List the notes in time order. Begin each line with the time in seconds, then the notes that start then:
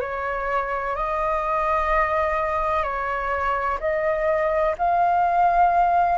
0.00 C#5
0.95 D#5
2.83 C#5
3.80 D#5
4.77 F5